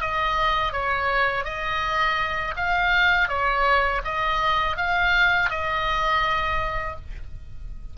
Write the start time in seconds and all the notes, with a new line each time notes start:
0.00 D#5
0.72 C#5
1.44 D#5
2.56 F5
3.28 C#5
4.04 D#5
4.76 F5
5.49 D#5